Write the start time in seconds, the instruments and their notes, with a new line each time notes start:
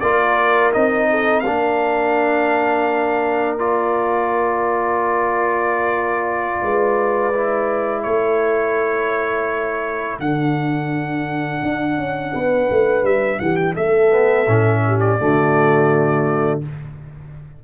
0.00 tuba A#3, trombone F4, horn A#4, trumpet D5
0.73 tuba C4, trombone D#4, trumpet D#5
1.10 horn A4
1.40 tuba A#3, trombone D4, horn A#4, trumpet F5
3.58 trombone F4, trumpet D5
6.62 tuba G#3, horn B4
7.34 trombone E4
8.03 tuba A3, horn A4, trumpet C#5
10.19 tuba D3, trombone D4, trumpet F#5
11.62 tuba D4
11.97 tuba C#4
12.32 tuba B3, horn B4
12.70 tuba A3
13.03 tuba G3, trumpet E5
13.39 tuba E3, horn G4, trumpet F#5
13.56 trumpet G5
13.74 tuba A3, horn A4, trumpet E5
14.10 trombone B3
14.47 tuba A2, trombone C#4
14.86 horn G4
15.00 trumpet D5
15.19 tuba D3, trombone A3, horn F#4